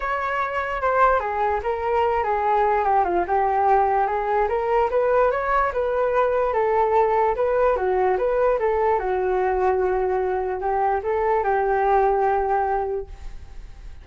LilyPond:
\new Staff \with { instrumentName = "flute" } { \time 4/4 \tempo 4 = 147 cis''2 c''4 gis'4 | ais'4. gis'4. g'8 f'8 | g'2 gis'4 ais'4 | b'4 cis''4 b'2 |
a'2 b'4 fis'4 | b'4 a'4 fis'2~ | fis'2 g'4 a'4 | g'1 | }